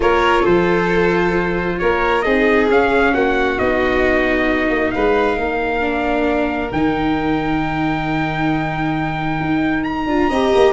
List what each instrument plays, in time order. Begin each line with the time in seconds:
0.00 tuba A#3, viola F4, violin A#4, trumpet C#5
0.41 tuba F3, violin A4, trumpet C5
1.78 tuba A#3, violin A#4, trumpet C#5
2.21 tuba C4, viola D#4, violin G#4, trumpet D#5
2.69 tuba C#4, viola C#4, trumpet F5
3.14 tuba A#3, violin F#4, trumpet F#5
3.58 tuba B3, viola D#4, trumpet D#5
4.69 tuba A#3
4.91 tuba G#3, violin B4, trumpet F5
5.36 tuba A#3, violin A#4
5.80 viola D4
6.71 tuba D#3, viola D#4, trumpet G5
9.40 tuba D#4
9.83 trumpet A#5
10.06 tuba D4, viola F4
10.29 tuba C4, viola G4, violin D#5
10.54 tuba A#3